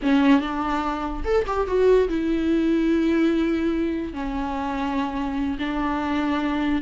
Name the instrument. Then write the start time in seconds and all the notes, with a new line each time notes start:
viola
0.02 C#4
0.40 D4
1.24 A4
1.46 G4
1.67 F#4
2.08 E4
4.13 C#4
5.58 D4